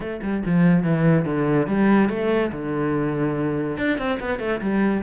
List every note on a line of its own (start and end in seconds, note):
0.00 0.20 A3
0.22 0.43 G3
0.45 0.83 F3
0.83 1.25 E3
1.25 1.67 D3
1.67 2.09 G3
2.09 2.51 A3
2.52 3.77 D3
3.77 3.97 D4
3.97 4.18 C4
4.20 4.39 B3
4.39 4.60 A3
4.60 5.02 G3